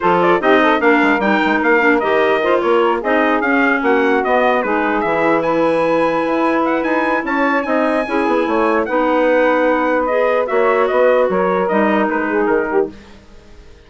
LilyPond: <<
  \new Staff \with { instrumentName = "trumpet" } { \time 4/4 \tempo 4 = 149 c''8 d''8 dis''4 f''4 g''4 | f''4 dis''4. cis''4 dis''8~ | dis''8 f''4 fis''4 dis''4 b'8~ | b'8 e''4 gis''2~ gis''8~ |
gis''8 fis''8 gis''4 a''4 gis''4~ | gis''2 fis''2~ | fis''4 dis''4 e''4 dis''4 | cis''4 dis''4 b'4 ais'4 | }
  \new Staff \with { instrumentName = "saxophone" } { \time 4/4 a'4 g'8 a'8 ais'2~ | ais'2 c''8 ais'4 gis'8~ | gis'4. fis'2 gis'8~ | gis'4. b'2~ b'8~ |
b'2 cis''4 dis''4 | gis'4 cis''4 b'2~ | b'2 cis''4 b'4 | ais'2~ ais'8 gis'4 g'8 | }
  \new Staff \with { instrumentName = "clarinet" } { \time 4/4 f'4 dis'4 d'4 dis'4~ | dis'8 d'8 g'4 f'4. dis'8~ | dis'8 cis'2 b4 dis'8~ | dis'8 e'2.~ e'8~ |
e'2. dis'4 | e'2 dis'2~ | dis'4 gis'4 fis'2~ | fis'4 dis'2. | }
  \new Staff \with { instrumentName = "bassoon" } { \time 4/4 f4 c'4 ais8 gis8 g8 gis8 | ais4 dis4. ais4 c'8~ | c'8 cis'4 ais4 b4 gis8~ | gis8 e2. e'8~ |
e'4 dis'4 cis'4 c'4 | cis'8 b8 a4 b2~ | b2 ais4 b4 | fis4 g4 gis4 dis4 | }
>>